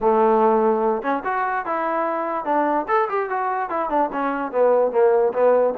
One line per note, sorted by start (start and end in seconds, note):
0.00 1.02 A3
1.02 1.22 C#4
1.24 1.65 F#4
1.65 2.44 E4
2.44 2.85 D4
2.87 3.08 A4
3.09 3.29 G4
3.29 3.69 F#4
3.69 3.89 E4
3.89 4.10 D4
4.12 4.51 C#4
4.51 4.91 B3
4.91 5.32 A#3
5.33 5.74 B3